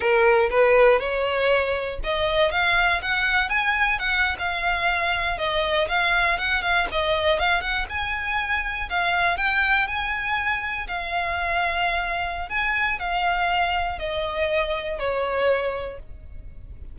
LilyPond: \new Staff \with { instrumentName = "violin" } { \time 4/4 \tempo 4 = 120 ais'4 b'4 cis''2 | dis''4 f''4 fis''4 gis''4 | fis''8. f''2 dis''4 f''16~ | f''8. fis''8 f''8 dis''4 f''8 fis''8 gis''16~ |
gis''4.~ gis''16 f''4 g''4 gis''16~ | gis''4.~ gis''16 f''2~ f''16~ | f''4 gis''4 f''2 | dis''2 cis''2 | }